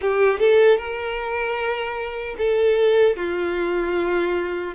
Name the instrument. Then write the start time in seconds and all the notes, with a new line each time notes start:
violin
0.01 G4
0.39 A4
0.77 A#4
2.38 A4
3.16 F4